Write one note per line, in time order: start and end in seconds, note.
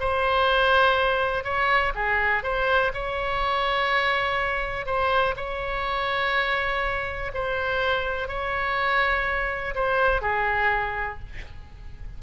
0.00 1.44 C5
1.44 1.93 C#5
1.95 2.43 G#4
2.43 2.92 C5
2.94 4.86 C#5
4.86 5.35 C5
5.36 7.31 C#5
7.34 8.28 C5
8.28 9.74 C#5
9.75 10.22 C5
10.22 11.19 G#4